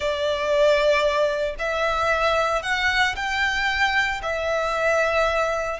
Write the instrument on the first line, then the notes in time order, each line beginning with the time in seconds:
violin
0.00 D5
1.58 E5
2.62 F#5
3.16 G5
4.22 E5